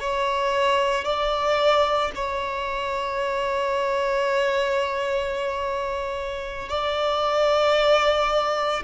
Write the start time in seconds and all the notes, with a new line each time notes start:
0.00 C#5
1.05 D5
2.16 C#5
6.69 D5